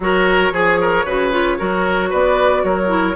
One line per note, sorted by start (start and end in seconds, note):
0.00 0.51 F#3
0.00 0.53 F#4
0.00 0.53 A#4
0.00 2.12 C#5
0.51 1.04 F3
0.51 0.79 G#4
0.51 1.06 G#4
0.81 1.05 A#4
1.04 1.57 C#3
1.04 1.31 F#4
1.04 1.57 B4
1.31 1.57 F4
1.58 2.13 F#3
1.58 2.87 F#4
1.58 2.09 A#4
2.09 2.63 B3
2.09 2.62 B4
2.09 2.64 D5
2.63 3.16 F#3
2.63 3.16 A#4
2.63 3.16 C#5
2.87 3.13 E4